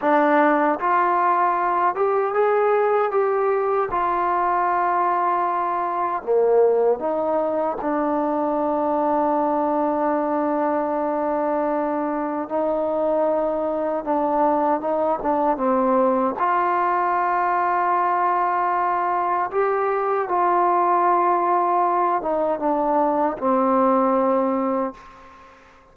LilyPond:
\new Staff \with { instrumentName = "trombone" } { \time 4/4 \tempo 4 = 77 d'4 f'4. g'8 gis'4 | g'4 f'2. | ais4 dis'4 d'2~ | d'1 |
dis'2 d'4 dis'8 d'8 | c'4 f'2.~ | f'4 g'4 f'2~ | f'8 dis'8 d'4 c'2 | }